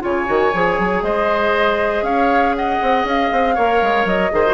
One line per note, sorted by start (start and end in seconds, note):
0.00 0.28 C#3
0.00 0.25 F4
0.00 1.04 C#5
0.00 1.03 G#5
0.25 0.53 D#3
0.25 0.50 F#4
0.54 0.78 F3
0.54 3.57 G#4
0.78 1.02 F#3
1.02 2.02 G#3
1.02 2.04 C5
1.02 2.04 D#5
2.02 2.77 C#4
2.02 2.55 C#5
2.02 2.54 F5
2.55 3.55 D#5
2.55 3.06 F#5
2.82 3.04 C4
3.04 3.29 C#4
3.04 4.07 F5
3.32 3.57 C4
3.55 3.82 A#3
3.55 4.31 A#4
3.55 4.30 C#5
3.82 4.05 G#3
4.05 4.30 F#3
4.05 4.54 D#5
4.31 4.54 D#3
4.31 4.44 G#4
4.31 4.54 C5
4.46 4.54 F#4